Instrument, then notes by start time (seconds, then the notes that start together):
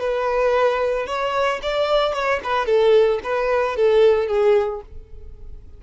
violin
0.00 B4
1.07 C#5
1.63 D5
2.14 C#5
2.44 B4
2.66 A4
3.24 B4
3.76 A4
4.28 G#4